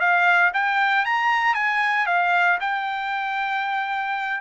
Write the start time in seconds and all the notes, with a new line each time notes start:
0.00 F5
0.54 G5
1.05 A#5
1.54 G#5
2.06 F5
2.61 G5